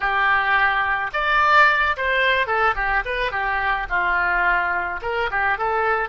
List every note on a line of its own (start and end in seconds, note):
0.00 1.10 G4
1.13 1.96 D5
1.96 2.46 C5
2.46 2.74 A4
2.75 3.03 G4
3.05 3.31 B4
3.31 3.87 G4
3.89 5.00 F4
5.02 5.30 A#4
5.30 5.58 G4
5.58 6.09 A4